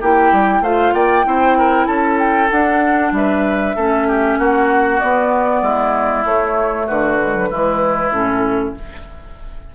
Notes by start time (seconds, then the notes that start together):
0.00 A#3 E4 G4 G5
0.32 G3
0.60 A3 F4 C5 F5
0.93 A#3 D5 G5
1.24 C4 E4 C5
1.58 A#4
1.86 C#4 A4 A5
2.18 G5
2.50 D4 F#5
3.12 G3 B4 E5
3.75 A3 C#4 A4
4.08 G4
4.38 A#3 F#4 F#5
4.99 B3 D5
5.62 G#3 E4
6.24 A3 C#5
6.86 D3 F#4 B4
7.19 G#3
7.34 F#3
7.50 E3 G#3 E4
8.11 A2 C#4 A4